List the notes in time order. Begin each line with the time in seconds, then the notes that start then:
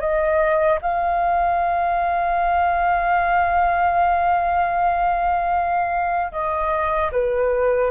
0.00 D#5
0.81 F5
6.32 D#5
7.12 B4